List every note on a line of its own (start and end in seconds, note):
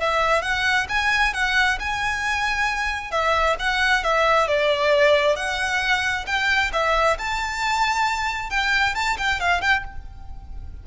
0.00 0.42 E5
0.42 0.86 F#5
0.89 1.33 G#5
1.34 1.78 F#5
1.79 3.11 G#5
3.11 3.56 E5
3.59 4.03 F#5
4.03 4.47 E5
4.47 5.36 D5
5.36 6.25 F#5
6.26 6.71 G5
6.73 7.17 E5
7.18 8.50 A5
8.50 8.95 G5
8.95 9.17 A5
9.17 9.40 G5
9.40 9.61 F5
9.61 9.83 G5